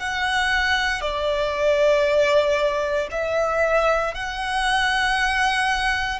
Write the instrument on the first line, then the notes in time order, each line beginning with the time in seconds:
violin
0.00 F#5
1.02 D5
3.11 E5
4.15 F#5